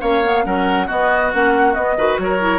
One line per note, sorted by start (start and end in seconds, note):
0.00 0.45 A#3
0.00 0.22 C#4
0.00 0.43 C#5
0.00 0.44 F5
0.23 0.44 B3
0.44 0.88 F#3
0.44 0.87 C#4
0.44 0.86 A#4
0.44 0.88 F#5
0.86 1.31 B3
0.86 1.33 B3
0.86 1.95 F#4
0.86 1.32 D#5
1.33 1.76 A#3
1.33 1.73 C#4
1.33 1.74 F#5
1.73 1.95 B3
1.73 1.97 B3
1.73 2.17 D#5
1.97 2.18 D#3
1.97 2.39 F#4
1.97 2.19 B4
2.18 2.58 F#3
2.18 2.58 A#4
2.18 2.58 C#5
2.39 2.58 E4